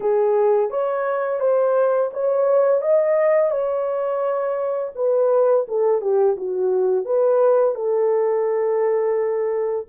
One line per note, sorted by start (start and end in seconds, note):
0.00 0.70 G#4
0.70 1.40 C#5
1.40 2.10 C5
2.13 2.81 C#5
2.81 3.51 D#5
3.51 4.92 C#5
4.95 5.65 B4
5.68 6.01 A4
6.01 6.36 G4
6.37 7.05 F#4
7.05 7.74 B4
7.74 9.86 A4